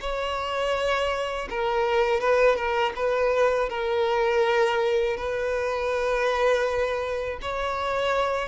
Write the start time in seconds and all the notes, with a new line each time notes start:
0.00 C#5
1.49 A#4
2.20 B4
2.56 A#4
2.95 B4
3.69 A#4
5.16 B4
7.41 C#5